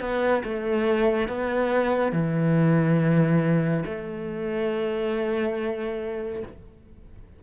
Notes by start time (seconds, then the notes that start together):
0.00 B3
0.44 A3
1.28 B3
2.12 E3
3.85 A3